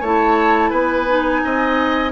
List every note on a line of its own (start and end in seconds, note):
0.00 0.71 A3
0.00 1.07 E4
0.00 0.70 C#5
0.00 0.70 A5
0.70 1.41 B3
0.70 1.40 B4
0.70 2.11 G#5
1.07 2.11 D#4
1.44 2.11 C4
1.44 2.11 D#5